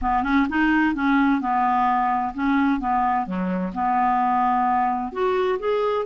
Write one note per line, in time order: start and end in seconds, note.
0.01 0.23 B3
0.23 0.46 C#4
0.49 0.94 D#4
0.94 1.40 C#4
1.40 2.33 B3
2.34 2.80 C#4
2.80 3.26 B3
3.26 3.73 F#3
3.74 5.12 B3
5.12 5.59 F#4
5.59 6.05 G#4